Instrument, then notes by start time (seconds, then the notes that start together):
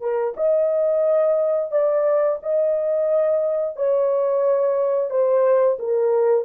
horn
0.00 A#4
0.36 D#5
1.71 D5
2.42 D#5
3.76 C#5
5.10 C5
5.79 A#4